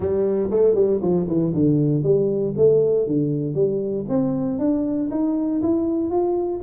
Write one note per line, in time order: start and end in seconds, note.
0.00 0.50 G3
0.51 0.74 A3
0.74 1.00 G3
1.01 1.27 F3
1.27 1.53 E3
1.53 2.03 D3
2.03 2.54 G3
2.57 3.06 A3
3.06 3.54 D3
3.54 4.05 G3
4.08 4.59 C4
4.59 5.09 D4
5.10 5.61 D#4
5.62 6.10 E4
6.10 6.61 F4